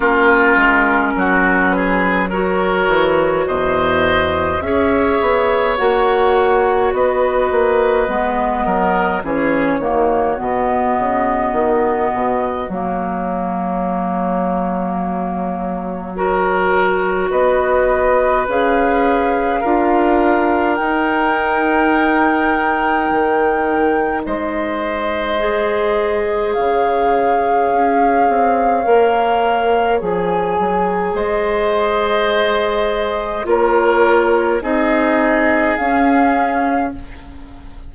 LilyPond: <<
  \new Staff \with { instrumentName = "flute" } { \time 4/4 \tempo 4 = 52 ais'4. b'8 cis''4 dis''4 | e''4 fis''4 dis''2 | cis''4 dis''2 cis''4~ | cis''2. dis''4 |
f''2 g''2~ | g''4 dis''2 f''4~ | f''2 gis''4 dis''4~ | dis''4 cis''4 dis''4 f''4 | }
  \new Staff \with { instrumentName = "oboe" } { \time 4/4 f'4 fis'8 gis'8 ais'4 c''4 | cis''2 b'4. ais'8 | gis'8 fis'2.~ fis'8~ | fis'2 ais'4 b'4~ |
b'4 ais'2.~ | ais'4 c''2 cis''4~ | cis''2. c''4~ | c''4 ais'4 gis'2 | }
  \new Staff \with { instrumentName = "clarinet" } { \time 4/4 cis'2 fis'2 | gis'4 fis'2 b4 | cis'8 ais8 b2 ais4~ | ais2 fis'2 |
gis'4 f'4 dis'2~ | dis'2 gis'2~ | gis'4 ais'4 gis'2~ | gis'4 f'4 dis'4 cis'4 | }
  \new Staff \with { instrumentName = "bassoon" } { \time 4/4 ais8 gis8 fis4. e8 e,4 | cis'8 b8 ais4 b8 ais8 gis8 fis8 | e8 dis8 b,8 cis8 dis8 b,8 fis4~ | fis2. b4 |
cis'4 d'4 dis'2 | dis4 gis2 cis4 | cis'8 c'8 ais4 f8 fis8 gis4~ | gis4 ais4 c'4 cis'4 | }
>>